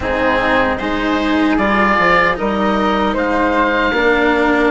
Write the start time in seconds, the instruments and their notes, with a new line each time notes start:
0.00 bassoon G#2, cello C4, flute D#4, oboe G#4
0.77 bassoon G#3, cello D#4, flute G#4, oboe C5
1.57 bassoon G3, cello F4, oboe D5
1.98 bassoon F3
2.34 bassoon G3, cello D#4, flute A#4, oboe D#5
3.13 bassoon G#3, flute C5, oboe F5
3.92 bassoon A#3, cello D4, flute A#4